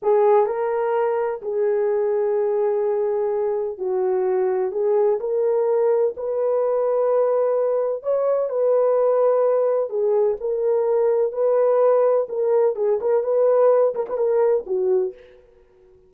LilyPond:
\new Staff \with { instrumentName = "horn" } { \time 4/4 \tempo 4 = 127 gis'4 ais'2 gis'4~ | gis'1 | fis'2 gis'4 ais'4~ | ais'4 b'2.~ |
b'4 cis''4 b'2~ | b'4 gis'4 ais'2 | b'2 ais'4 gis'8 ais'8 | b'4. ais'16 b'16 ais'4 fis'4 | }